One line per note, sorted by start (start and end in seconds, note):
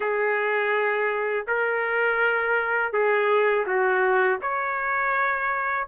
0.00 1.46 G#4
1.47 2.92 A#4
2.92 3.66 G#4
3.66 4.39 F#4
4.41 5.87 C#5